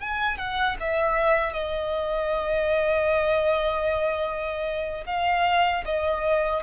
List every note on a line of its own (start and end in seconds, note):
0.00 0.38 G#5
0.38 0.77 F#5
0.80 1.54 E5
1.54 5.04 D#5
5.06 5.84 F5
5.85 6.63 D#5